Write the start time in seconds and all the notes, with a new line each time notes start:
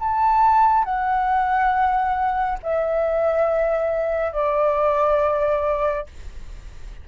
0.00 A5
0.85 F#5
2.63 E5
4.33 D5